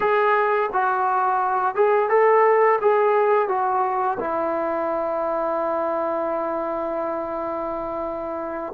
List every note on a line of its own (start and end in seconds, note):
0.00 0.70 G#4
0.72 1.75 F#4
1.75 2.09 G#4
2.09 2.79 A4
2.81 3.48 G#4
3.48 4.18 F#4
4.19 8.73 E4